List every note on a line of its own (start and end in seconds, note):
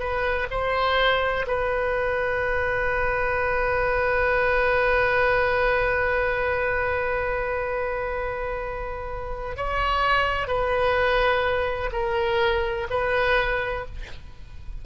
0.00 0.48 B4
0.51 1.46 C5
1.48 9.57 B4
9.57 10.48 C#5
10.48 11.90 B4
11.93 12.88 A#4
12.91 13.86 B4